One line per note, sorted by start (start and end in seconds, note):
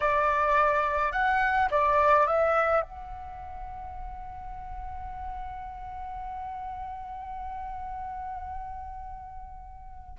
0.00 1.12 D5
1.12 1.68 F#5
1.70 2.26 D5
2.26 2.81 E5
2.81 10.17 F#5